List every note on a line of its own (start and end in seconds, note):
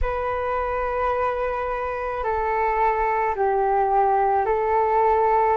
0.01 2.23 B4
2.23 3.34 A4
3.35 4.45 G4
4.45 5.57 A4